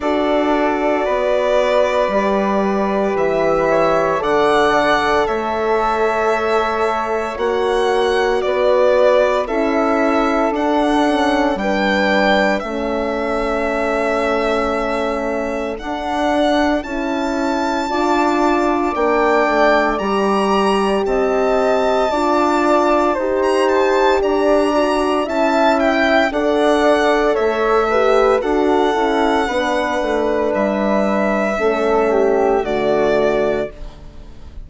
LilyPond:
<<
  \new Staff \with { instrumentName = "violin" } { \time 4/4 \tempo 4 = 57 d''2. e''4 | fis''4 e''2 fis''4 | d''4 e''4 fis''4 g''4 | e''2. fis''4 |
a''2 g''4 ais''4 | a''2~ a''16 ais''16 a''8 ais''4 | a''8 g''8 fis''4 e''4 fis''4~ | fis''4 e''2 d''4 | }
  \new Staff \with { instrumentName = "flute" } { \time 4/4 a'4 b'2~ b'8 cis''8 | d''4 cis''2. | b'4 a'2 b'4 | a'1~ |
a'4 d''2. | dis''4 d''4 c''4 d''4 | e''4 d''4 cis''8 b'8 a'4 | b'2 a'8 g'8 fis'4 | }
  \new Staff \with { instrumentName = "horn" } { \time 4/4 fis'2 g'2 | a'2. fis'4~ | fis'4 e'4 d'8 cis'8 d'4 | cis'2. d'4 |
e'4 f'4 d'4 g'4~ | g'4 f'4 g'4. fis'8 | e'4 a'4. g'8 fis'8 e'8 | d'2 cis'4 a4 | }
  \new Staff \with { instrumentName = "bassoon" } { \time 4/4 d'4 b4 g4 e4 | d4 a2 ais4 | b4 cis'4 d'4 g4 | a2. d'4 |
cis'4 d'4 ais8 a8 g4 | c'4 d'4 dis'4 d'4 | cis'4 d'4 a4 d'8 cis'8 | b8 a8 g4 a4 d4 | }
>>